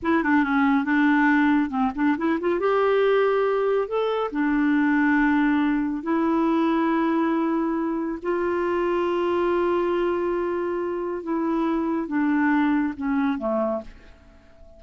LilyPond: \new Staff \with { instrumentName = "clarinet" } { \time 4/4 \tempo 4 = 139 e'8 d'8 cis'4 d'2 | c'8 d'8 e'8 f'8 g'2~ | g'4 a'4 d'2~ | d'2 e'2~ |
e'2. f'4~ | f'1~ | f'2 e'2 | d'2 cis'4 a4 | }